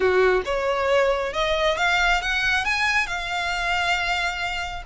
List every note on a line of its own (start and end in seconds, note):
0.00 0.42 F#4
0.45 1.33 C#5
1.33 1.77 D#5
1.77 2.21 F5
2.21 2.65 F#5
2.65 3.06 G#5
3.06 4.83 F5